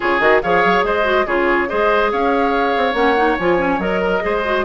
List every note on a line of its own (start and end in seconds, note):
0.00 0.20 C#3
0.00 0.19 F4
0.00 0.42 G#4
0.00 0.20 C#5
0.19 0.41 D#3
0.19 0.40 F#4
0.19 0.41 D#5
0.42 0.64 F3
0.42 1.03 G#4
0.42 0.85 C#5
0.42 0.84 F5
0.64 0.83 F#3
0.83 1.25 G#3
0.83 1.26 C5
0.83 1.27 D#5
1.03 1.24 F#4
1.26 1.68 C#3
1.26 1.68 F4
1.26 1.68 G#4
1.26 1.69 C#5
1.68 2.12 G#3
1.68 2.94 G#4
1.68 2.11 C5
1.68 2.11 D#5
2.11 2.76 C#4
2.11 4.01 C#5
2.11 2.94 F5
2.76 2.93 C4
2.93 3.36 A#3
2.93 3.15 C#4
2.93 3.36 F#5
3.16 3.37 D#4
3.39 3.78 F3
3.39 3.57 F4
3.39 3.80 G#5
3.57 3.79 C#4
3.78 4.20 F#3
3.78 4.20 A#4
3.78 4.64 D#5
4.01 4.22 A#4
4.20 4.64 G#3
4.20 4.41 G#4
4.20 4.64 C5
4.44 4.64 F#4